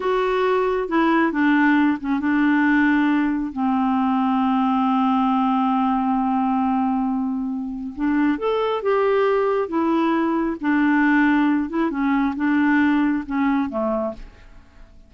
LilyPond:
\new Staff \with { instrumentName = "clarinet" } { \time 4/4 \tempo 4 = 136 fis'2 e'4 d'4~ | d'8 cis'8 d'2. | c'1~ | c'1~ |
c'2 d'4 a'4 | g'2 e'2 | d'2~ d'8 e'8 cis'4 | d'2 cis'4 a4 | }